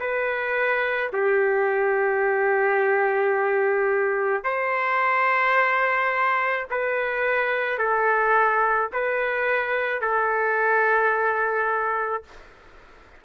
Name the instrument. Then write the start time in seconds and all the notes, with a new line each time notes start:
trumpet
0.00 B4
1.13 G4
4.44 C5
6.71 B4
7.79 A4
8.93 B4
10.02 A4